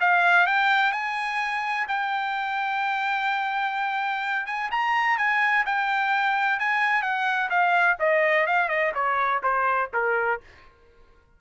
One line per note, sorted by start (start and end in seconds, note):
0.00 0.46 F5
0.46 0.92 G5
0.92 1.86 G#5
1.87 4.46 G5
4.46 4.70 G#5
4.71 5.18 A#5
5.18 5.65 G#5
5.65 6.59 G5
6.59 7.02 G#5
7.02 7.49 F#5
7.49 7.97 F5
7.99 8.46 D#5
8.46 8.68 F5
8.68 8.92 D#5
8.94 9.41 C#5
9.43 9.90 C5
9.93 10.40 A#4